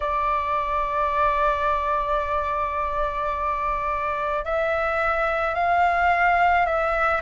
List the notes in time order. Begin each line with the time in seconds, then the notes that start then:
0.00 D5
4.44 E5
5.55 F5
6.66 E5